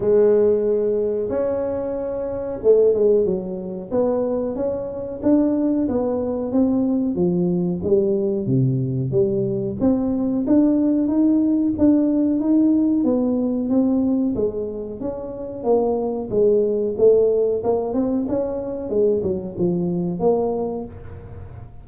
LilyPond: \new Staff \with { instrumentName = "tuba" } { \time 4/4 \tempo 4 = 92 gis2 cis'2 | a8 gis8 fis4 b4 cis'4 | d'4 b4 c'4 f4 | g4 c4 g4 c'4 |
d'4 dis'4 d'4 dis'4 | b4 c'4 gis4 cis'4 | ais4 gis4 a4 ais8 c'8 | cis'4 gis8 fis8 f4 ais4 | }